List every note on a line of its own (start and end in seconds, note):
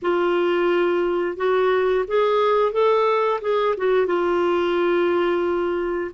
0.02 1.36 F4
1.36 2.05 F#4
2.07 2.72 G#4
2.72 3.40 A4
3.41 3.75 G#4
3.77 4.06 F#4
4.06 6.11 F4